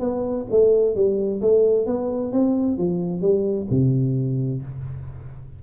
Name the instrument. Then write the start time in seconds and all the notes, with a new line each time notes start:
tuba
0.00 B3
0.51 A3
0.95 G3
1.42 A3
1.86 B3
2.32 C4
2.78 F3
3.21 G3
3.70 C3